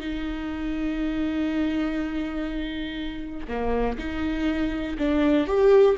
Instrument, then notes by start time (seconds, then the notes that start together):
viola
0.00 D#4
3.48 A#3
3.98 D#4
4.98 D4
5.47 G4